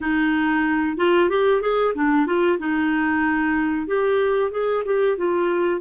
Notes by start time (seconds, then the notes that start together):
0.00 D#4
0.97 F4
1.29 G4
1.61 G#4
1.94 D4
2.26 F4
2.58 D#4
3.87 G4
4.51 G#4
4.85 G4
5.17 F4